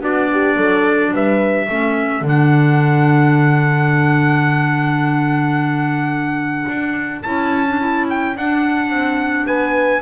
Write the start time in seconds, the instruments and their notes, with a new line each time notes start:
0.00 double bass B3, clarinet D4, horn F#4, trumpet D5
0.32 horn G4
0.57 double bass F#3, horn A4
1.14 double bass G3, horn B4, trumpet E5
1.70 double bass A3, clarinet C#4, horn A4
2.22 double bass D3, clarinet D4
2.28 trumpet F#5
6.69 double bass D4
7.23 double bass C#4, clarinet E4, trumpet A5
7.68 clarinet D4
7.80 clarinet E4
8.10 trumpet G5
8.36 clarinet D4, double bass D4, trumpet F#5
8.90 double bass C4
9.47 double bass B3, horn B4, trumpet G#5